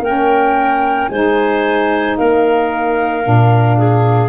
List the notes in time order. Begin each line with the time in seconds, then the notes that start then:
0.00 A#3 C#4 A#4 G5
1.09 G#3 D#4 C5 G#5
2.17 A#3 A#4 F5
3.23 A#2 D4
3.78 G#4